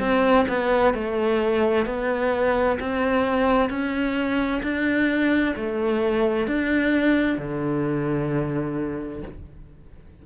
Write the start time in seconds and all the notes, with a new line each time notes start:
0.00 C4
0.49 B3
0.94 A3
1.86 B3
2.80 C4
3.70 C#4
4.63 D4
5.56 A3
6.48 D4
7.38 D3